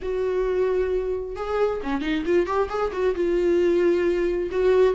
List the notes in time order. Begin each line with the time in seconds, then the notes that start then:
0.02 F#4
1.36 G#4
1.83 C#4
2.01 D#4
2.25 F4
2.46 G4
2.69 G#4
2.92 F#4
3.15 F4
4.51 F#4